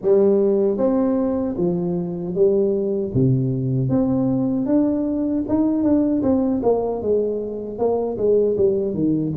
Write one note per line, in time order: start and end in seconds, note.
0.02 0.77 G3
0.77 1.55 C4
1.57 2.34 F3
2.34 3.12 G3
3.14 3.89 C3
3.89 4.66 C4
4.66 5.44 D4
5.48 5.83 D#4
5.83 6.22 D4
6.22 6.61 C4
6.62 7.01 A#3
7.02 7.78 G#3
7.78 8.17 A#3
8.17 8.56 G#3
8.57 8.94 G3
8.94 9.33 D#3